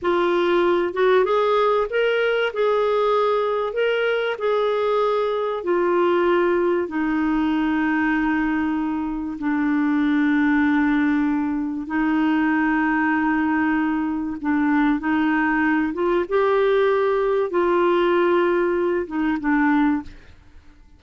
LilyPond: \new Staff \with { instrumentName = "clarinet" } { \time 4/4 \tempo 4 = 96 f'4. fis'8 gis'4 ais'4 | gis'2 ais'4 gis'4~ | gis'4 f'2 dis'4~ | dis'2. d'4~ |
d'2. dis'4~ | dis'2. d'4 | dis'4. f'8 g'2 | f'2~ f'8 dis'8 d'4 | }